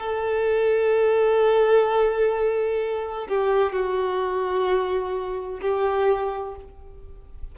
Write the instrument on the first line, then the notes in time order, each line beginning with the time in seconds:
violin
0.00 A4
3.29 G4
3.73 F#4
5.62 G4